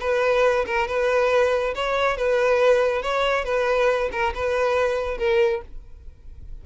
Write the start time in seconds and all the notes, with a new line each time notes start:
0.00 B4
0.66 A#4
0.87 B4
1.75 C#5
2.17 B4
3.02 C#5
3.45 B4
4.12 A#4
4.34 B4
5.18 A#4